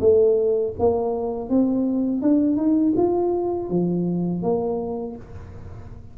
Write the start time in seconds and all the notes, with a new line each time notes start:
0.00 A3
0.78 A#3
1.49 C4
2.22 D4
2.56 D#4
2.96 F4
3.70 F3
4.42 A#3